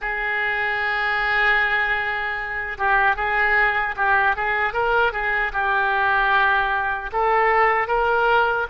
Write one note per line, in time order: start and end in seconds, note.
0.01 2.77 G#4
2.77 3.16 G4
3.16 3.95 G#4
3.96 4.36 G4
4.36 4.73 G#4
4.73 5.12 A#4
5.12 5.52 G#4
5.53 7.11 G4
7.12 7.87 A4
7.87 8.66 A#4